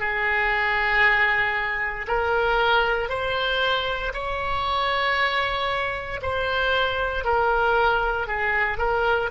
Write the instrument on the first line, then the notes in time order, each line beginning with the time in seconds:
oboe
0.00 G#4
2.08 A#4
3.09 C5
4.14 C#5
6.23 C5
7.25 A#4
8.28 G#4
8.78 A#4